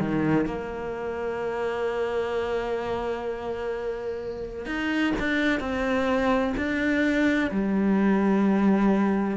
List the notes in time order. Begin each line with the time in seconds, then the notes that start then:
0.00 D#3
0.46 A#3
4.67 D#4
5.20 D4
5.60 C4
6.58 D4
7.52 G3